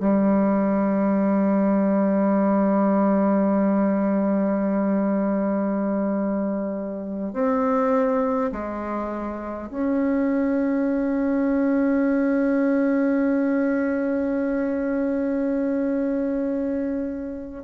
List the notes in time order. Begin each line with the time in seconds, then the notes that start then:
0.00 G3
7.34 C4
8.52 G#3
9.70 C#4